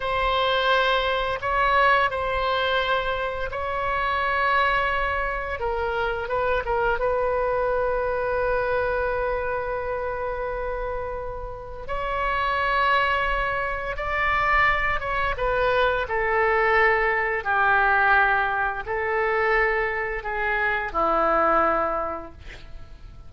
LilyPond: \new Staff \with { instrumentName = "oboe" } { \time 4/4 \tempo 4 = 86 c''2 cis''4 c''4~ | c''4 cis''2. | ais'4 b'8 ais'8 b'2~ | b'1~ |
b'4 cis''2. | d''4. cis''8 b'4 a'4~ | a'4 g'2 a'4~ | a'4 gis'4 e'2 | }